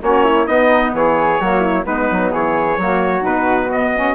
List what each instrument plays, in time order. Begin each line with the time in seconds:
0.00 bassoon A#3, saxophone C#4, flute F#4, trumpet C#5
0.24 flute E4
0.46 bassoon B3, saxophone B3, flute D#4, trumpet D#5
0.93 bassoon E3, flute G#4, trumpet C#5
1.40 bassoon F#3, saxophone A#3, flute F#4
1.60 flute E4
1.85 bassoon G#3, saxophone B3, flute D#4, trumpet B4
2.11 bassoon F#3
2.32 bassoon E3, flute G#4, trumpet C#5
2.77 bassoon F#3, saxophone A#3, flute F#4
3.21 bassoon B2, saxophone D#4, trumpet B4
3.71 saxophone B3, trumpet D#5
3.95 saxophone C#4